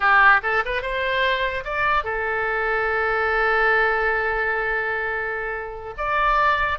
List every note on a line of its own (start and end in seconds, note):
0.00 0.41 G4
0.43 0.63 A4
0.65 0.81 B4
0.81 1.64 C5
1.64 2.04 D5
2.04 5.94 A4
5.97 6.78 D5